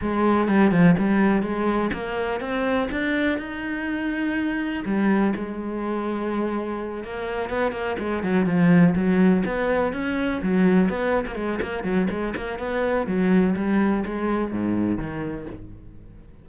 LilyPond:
\new Staff \with { instrumentName = "cello" } { \time 4/4 \tempo 4 = 124 gis4 g8 f8 g4 gis4 | ais4 c'4 d'4 dis'4~ | dis'2 g4 gis4~ | gis2~ gis8 ais4 b8 |
ais8 gis8 fis8 f4 fis4 b8~ | b8 cis'4 fis4 b8. ais16 gis8 | ais8 fis8 gis8 ais8 b4 fis4 | g4 gis4 gis,4 dis4 | }